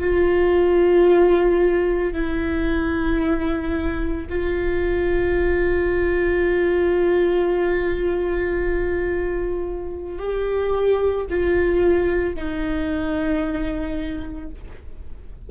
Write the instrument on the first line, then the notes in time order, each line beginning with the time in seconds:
viola
0.00 F4
2.13 E4
4.30 F4
10.19 G4
11.29 F4
12.35 D#4